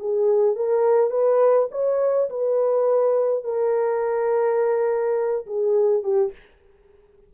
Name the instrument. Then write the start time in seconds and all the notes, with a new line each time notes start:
horn
0.00 G#4
0.56 A#4
1.11 B4
1.72 C#5
2.30 B4
3.44 A#4
5.47 G#4
6.04 G4